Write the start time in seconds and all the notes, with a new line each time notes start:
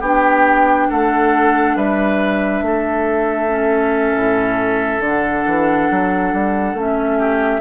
0.00 B3 D4 G4 G5
0.89 A3 A4 F#5
1.76 G3 B4 E5
2.61 A3 A4
3.48 C#4
4.16 A2
4.99 D3 F#5
5.05 D4
5.46 E3
5.90 F#3
6.33 G3
6.73 A3 C#4 E5
7.18 G4